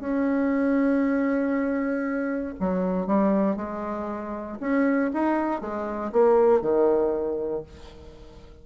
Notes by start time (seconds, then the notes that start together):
0.00 C#4
2.60 F#3
3.07 G3
3.57 G#3
4.60 C#4
5.14 D#4
5.61 G#3
6.12 A#3
6.62 D#3